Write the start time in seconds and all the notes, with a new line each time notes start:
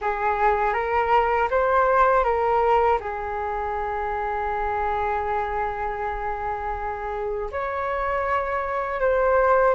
0.01 G#4
0.73 A#4
1.50 C5
2.23 A#4
3.00 G#4
7.51 C#5
9.00 C5